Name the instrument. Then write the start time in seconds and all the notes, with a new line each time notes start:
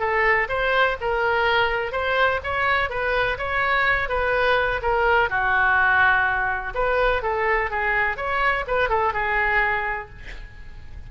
oboe
0.00 A4
0.50 C5
1.01 A#4
1.92 C5
2.44 C#5
2.90 B4
3.39 C#5
4.10 B4
4.83 A#4
5.30 F#4
6.75 B4
7.23 A4
7.71 G#4
8.18 C#5
8.67 B4
8.90 A4
9.14 G#4